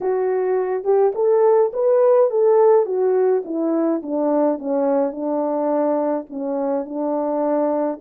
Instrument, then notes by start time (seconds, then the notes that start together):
horn
0.00 F#4
0.84 G4
1.14 A4
1.73 B4
2.30 A4
2.85 F#4
3.44 E4
4.02 D4
4.58 C#4
5.11 D4
6.29 C#4
6.85 D4